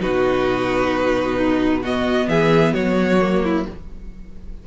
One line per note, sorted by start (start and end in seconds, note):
0.00 2.28 B2
0.00 1.82 D#4
0.00 1.37 F#4
0.00 1.83 B4
1.37 1.82 D#4
1.82 3.21 B3
1.82 2.28 F#4
1.82 2.29 D#5
2.28 2.73 E3
2.28 2.74 G#4
2.28 2.74 E5
2.74 3.66 F#3
2.74 3.42 F#4
2.74 3.65 C#5
3.21 3.66 A#3
3.44 3.67 E4